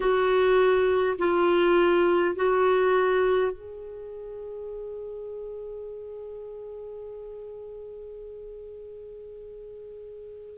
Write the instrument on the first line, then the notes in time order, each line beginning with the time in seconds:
clarinet
0.00 F#4
1.18 F4
2.35 F#4
3.51 G#4